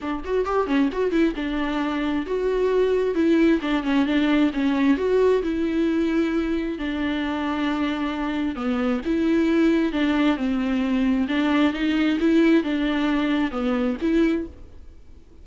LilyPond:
\new Staff \with { instrumentName = "viola" } { \time 4/4 \tempo 4 = 133 d'8 fis'8 g'8 cis'8 fis'8 e'8 d'4~ | d'4 fis'2 e'4 | d'8 cis'8 d'4 cis'4 fis'4 | e'2. d'4~ |
d'2. b4 | e'2 d'4 c'4~ | c'4 d'4 dis'4 e'4 | d'2 b4 e'4 | }